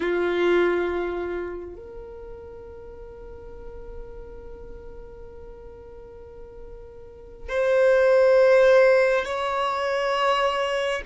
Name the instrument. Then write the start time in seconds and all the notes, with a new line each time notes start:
violin
0.00 F4
1.75 A#4
7.48 C5
9.25 C#5